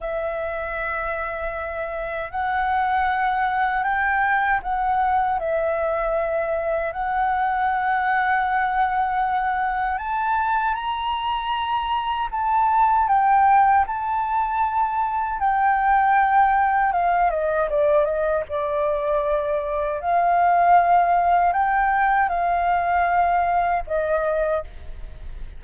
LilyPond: \new Staff \with { instrumentName = "flute" } { \time 4/4 \tempo 4 = 78 e''2. fis''4~ | fis''4 g''4 fis''4 e''4~ | e''4 fis''2.~ | fis''4 a''4 ais''2 |
a''4 g''4 a''2 | g''2 f''8 dis''8 d''8 dis''8 | d''2 f''2 | g''4 f''2 dis''4 | }